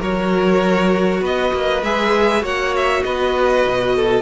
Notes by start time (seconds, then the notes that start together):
0.00 F#3 F#4 A#4 C#5
1.21 B3 B4 D#5
1.54 A#3
1.83 G#3 G#4 E5
2.41 A#3 F#4 C#5 F#5
2.76 E5
3.04 B3 B4 D#5
3.67 B2
3.96 A4